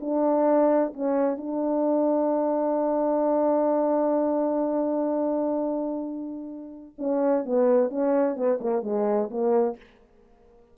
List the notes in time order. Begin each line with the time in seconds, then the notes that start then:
0.00 D4
0.93 C#4
1.37 D4
6.98 C#4
7.45 B3
7.90 C#4
8.36 B3
8.60 A#3
8.83 G#3
9.30 A#3